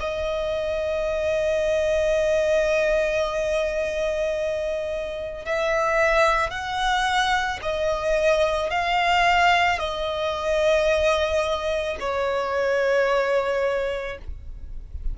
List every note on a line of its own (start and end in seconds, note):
0.00 5.45 D#5
5.45 6.50 E5
6.50 7.59 F#5
7.62 8.70 D#5
8.70 9.79 F5
9.79 11.97 D#5
12.00 14.18 C#5